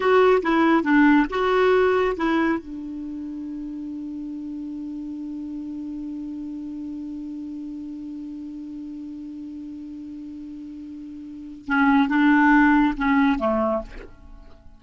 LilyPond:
\new Staff \with { instrumentName = "clarinet" } { \time 4/4 \tempo 4 = 139 fis'4 e'4 d'4 fis'4~ | fis'4 e'4 d'2~ | d'1~ | d'1~ |
d'1~ | d'1~ | d'2. cis'4 | d'2 cis'4 a4 | }